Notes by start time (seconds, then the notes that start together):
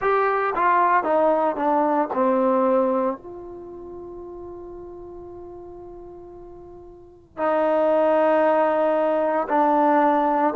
0.01 G4
0.55 F4
1.03 D#4
1.56 D4
2.13 C4
3.17 F4
7.37 D#4
9.48 D4